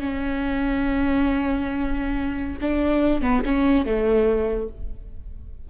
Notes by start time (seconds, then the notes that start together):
0.00 C#4
2.62 D4
3.22 B3
3.45 C#4
3.86 A3